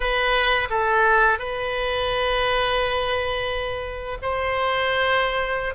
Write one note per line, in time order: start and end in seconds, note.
0.00 0.68 B4
0.70 1.38 A4
1.38 4.17 B4
4.21 5.74 C5